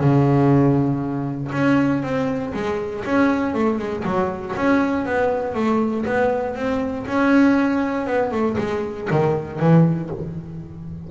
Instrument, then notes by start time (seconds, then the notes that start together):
double bass
0.00 C#3
1.52 C#4
2.03 C4
2.54 G#3
3.05 C#4
3.55 A3
3.79 G#3
4.05 F#3
4.56 C#4
5.06 B3
5.55 A3
6.05 B3
6.56 C4
7.07 C#4
8.07 B3
8.32 A3
8.58 G#3
9.11 D#3
9.60 E3